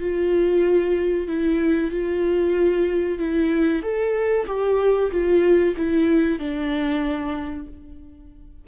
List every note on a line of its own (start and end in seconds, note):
0.00 1.27 F4
1.27 1.91 E4
1.91 3.19 F4
3.19 3.82 E4
3.82 4.46 A4
4.47 5.10 G4
5.11 5.74 F4
5.76 6.39 E4
6.39 7.66 D4